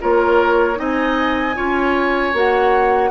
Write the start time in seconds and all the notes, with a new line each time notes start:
0.00 A#3 F4 A#4 C#5
0.74 C4 D#4 D#5 G#5
1.55 C#4 F4 C#5
2.33 A#3 F#4 F#5